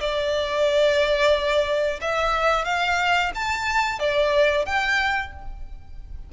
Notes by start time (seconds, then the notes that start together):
0.00 D5
2.01 E5
2.65 F5
3.35 A5
3.99 D5
4.66 G5